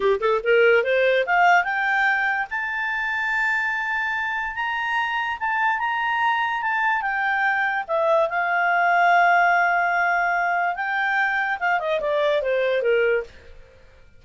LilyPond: \new Staff \with { instrumentName = "clarinet" } { \time 4/4 \tempo 4 = 145 g'8 a'8 ais'4 c''4 f''4 | g''2 a''2~ | a''2. ais''4~ | ais''4 a''4 ais''2 |
a''4 g''2 e''4 | f''1~ | f''2 g''2 | f''8 dis''8 d''4 c''4 ais'4 | }